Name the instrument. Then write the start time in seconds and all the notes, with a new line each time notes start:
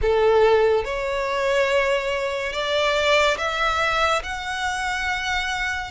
violin
0.01 A4
0.84 C#5
2.52 D5
3.37 E5
4.23 F#5